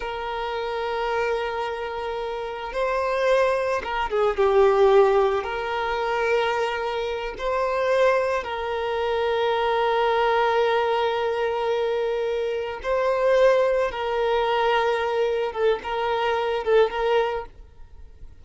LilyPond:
\new Staff \with { instrumentName = "violin" } { \time 4/4 \tempo 4 = 110 ais'1~ | ais'4 c''2 ais'8 gis'8 | g'2 ais'2~ | ais'4. c''2 ais'8~ |
ais'1~ | ais'2.~ ais'8 c''8~ | c''4. ais'2~ ais'8~ | ais'8 a'8 ais'4. a'8 ais'4 | }